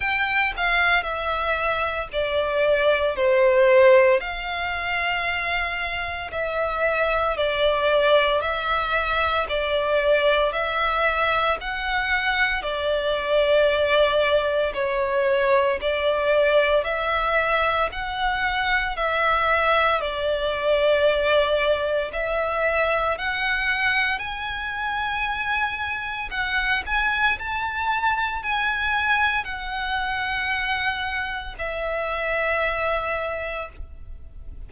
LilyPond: \new Staff \with { instrumentName = "violin" } { \time 4/4 \tempo 4 = 57 g''8 f''8 e''4 d''4 c''4 | f''2 e''4 d''4 | e''4 d''4 e''4 fis''4 | d''2 cis''4 d''4 |
e''4 fis''4 e''4 d''4~ | d''4 e''4 fis''4 gis''4~ | gis''4 fis''8 gis''8 a''4 gis''4 | fis''2 e''2 | }